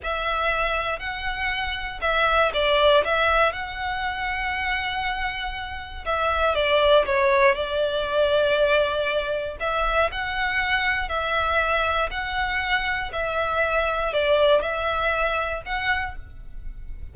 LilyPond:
\new Staff \with { instrumentName = "violin" } { \time 4/4 \tempo 4 = 119 e''2 fis''2 | e''4 d''4 e''4 fis''4~ | fis''1 | e''4 d''4 cis''4 d''4~ |
d''2. e''4 | fis''2 e''2 | fis''2 e''2 | d''4 e''2 fis''4 | }